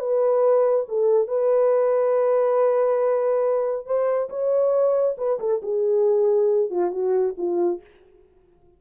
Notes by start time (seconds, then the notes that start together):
0.00 B4
0.89 A4
1.28 B4
3.86 C5
4.30 C#5
5.18 B4
5.40 A4
5.63 G#4
6.71 F4
6.92 F#4
7.38 F4